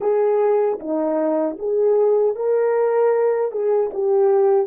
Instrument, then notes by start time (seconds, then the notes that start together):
horn
0.00 G#4
0.79 D#4
1.58 G#4
2.35 A#4
3.51 G#4
3.93 G4